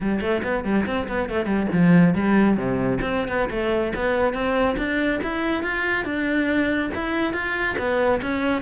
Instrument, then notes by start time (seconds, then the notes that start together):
cello
0.00 G3
0.20 A3
0.43 B3
0.64 G3
0.86 C4
1.08 B3
1.29 A3
1.45 G3
1.72 F3
2.14 G3
2.56 C3
3.01 C4
3.28 B3
3.50 A3
3.95 B3
4.33 C4
4.77 D4
5.23 E4
5.63 F4
6.04 D4
6.94 E4
7.33 F4
7.78 B3
8.22 C#4